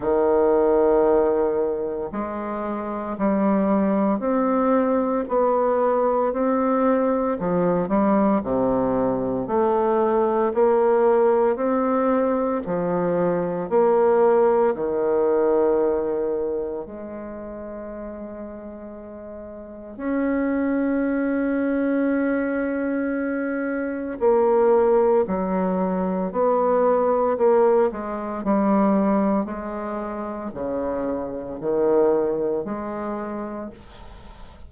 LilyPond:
\new Staff \with { instrumentName = "bassoon" } { \time 4/4 \tempo 4 = 57 dis2 gis4 g4 | c'4 b4 c'4 f8 g8 | c4 a4 ais4 c'4 | f4 ais4 dis2 |
gis2. cis'4~ | cis'2. ais4 | fis4 b4 ais8 gis8 g4 | gis4 cis4 dis4 gis4 | }